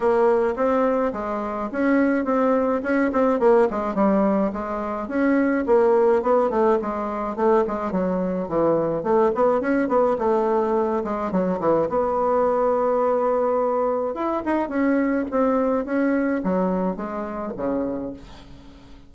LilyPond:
\new Staff \with { instrumentName = "bassoon" } { \time 4/4 \tempo 4 = 106 ais4 c'4 gis4 cis'4 | c'4 cis'8 c'8 ais8 gis8 g4 | gis4 cis'4 ais4 b8 a8 | gis4 a8 gis8 fis4 e4 |
a8 b8 cis'8 b8 a4. gis8 | fis8 e8 b2.~ | b4 e'8 dis'8 cis'4 c'4 | cis'4 fis4 gis4 cis4 | }